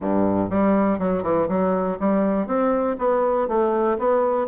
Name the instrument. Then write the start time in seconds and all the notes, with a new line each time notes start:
bassoon
0.00 G2
0.50 G3
0.98 F#3
1.22 E3
1.48 F#3
1.99 G3
2.46 C4
2.98 B3
3.48 A3
3.98 B3